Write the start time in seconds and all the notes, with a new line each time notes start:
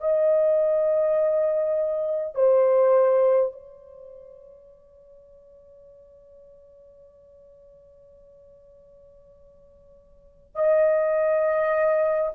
0.00 D#5
2.35 C5
3.52 C#5
10.56 D#5